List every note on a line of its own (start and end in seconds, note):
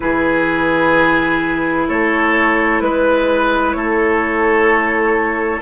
0.00 1.88 E3
0.00 5.60 E4
0.00 1.88 G#4
0.00 1.86 B4
1.88 2.81 A3
1.88 2.82 A4
1.88 2.80 C#5
2.80 3.74 G#3
2.80 3.72 B4
2.80 3.76 B4
3.72 5.62 A3
3.72 5.62 A4
3.72 5.60 C#5